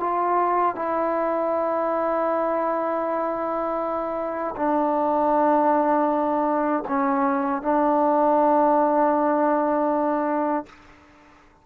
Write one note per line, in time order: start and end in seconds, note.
0.00 0.76 F4
0.76 4.55 E4
4.56 6.84 D4
6.88 7.62 C#4
7.62 10.66 D4